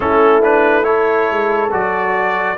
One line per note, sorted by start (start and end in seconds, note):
0.00 1.29 A3
0.00 0.42 C#4
0.00 0.85 E4
0.00 0.42 A4
0.42 0.83 D4
0.42 0.84 B4
0.83 1.69 E4
0.83 2.57 A4
0.83 1.70 C#5
1.29 1.72 G#3
1.71 2.57 F#3
1.71 2.56 F#4
1.71 2.57 D5